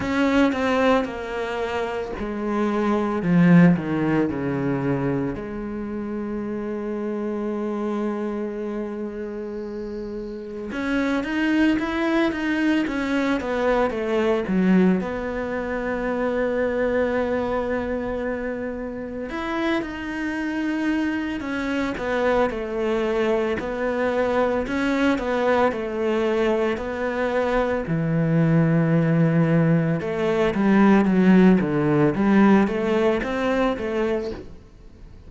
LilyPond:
\new Staff \with { instrumentName = "cello" } { \time 4/4 \tempo 4 = 56 cis'8 c'8 ais4 gis4 f8 dis8 | cis4 gis2.~ | gis2 cis'8 dis'8 e'8 dis'8 | cis'8 b8 a8 fis8 b2~ |
b2 e'8 dis'4. | cis'8 b8 a4 b4 cis'8 b8 | a4 b4 e2 | a8 g8 fis8 d8 g8 a8 c'8 a8 | }